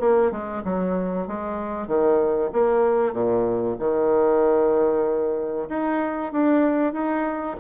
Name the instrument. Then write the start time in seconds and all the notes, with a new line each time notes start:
bassoon
0.00 A#3
0.31 G#3
0.64 F#3
1.27 G#3
1.87 D#3
2.52 A#3
3.13 A#2
3.79 D#3
5.69 D#4
6.32 D4
6.93 D#4